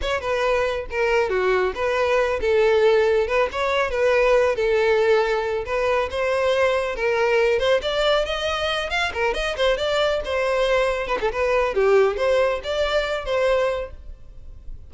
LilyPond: \new Staff \with { instrumentName = "violin" } { \time 4/4 \tempo 4 = 138 cis''8 b'4. ais'4 fis'4 | b'4. a'2 b'8 | cis''4 b'4. a'4.~ | a'4 b'4 c''2 |
ais'4. c''8 d''4 dis''4~ | dis''8 f''8 ais'8 dis''8 c''8 d''4 c''8~ | c''4. b'16 a'16 b'4 g'4 | c''4 d''4. c''4. | }